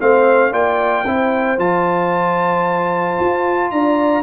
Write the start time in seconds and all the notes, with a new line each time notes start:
0.00 A3 C4 C5 F5
0.52 A#3 F4 D5 G5
1.06 C4 E4 C5
1.58 F3 F4 A5
3.20 F4
3.71 D4 D5 A#5